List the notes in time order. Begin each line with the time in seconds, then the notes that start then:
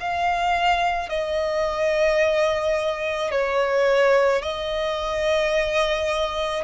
0.00 F5
1.09 D#5
3.31 C#5
4.42 D#5